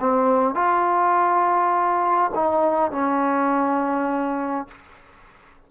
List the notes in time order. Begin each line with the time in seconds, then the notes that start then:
0.00 C4
0.55 F4
2.35 D#4
2.92 C#4